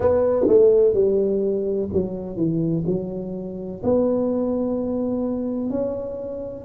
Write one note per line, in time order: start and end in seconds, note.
0.00 0.46 B3
0.47 0.93 A3
0.93 1.88 G3
1.93 2.36 F#3
2.36 2.84 E3
2.86 3.81 F#3
3.83 5.70 B3
5.70 6.65 C#4